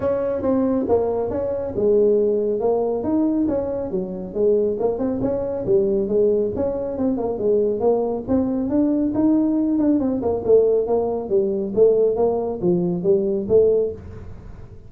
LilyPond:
\new Staff \with { instrumentName = "tuba" } { \time 4/4 \tempo 4 = 138 cis'4 c'4 ais4 cis'4 | gis2 ais4 dis'4 | cis'4 fis4 gis4 ais8 c'8 | cis'4 g4 gis4 cis'4 |
c'8 ais8 gis4 ais4 c'4 | d'4 dis'4. d'8 c'8 ais8 | a4 ais4 g4 a4 | ais4 f4 g4 a4 | }